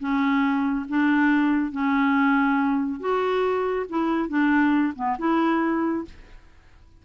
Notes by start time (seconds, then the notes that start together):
0.00 C#4
0.89 D4
1.72 C#4
3.00 F#4
3.89 E4
4.29 D4
4.96 B3
5.19 E4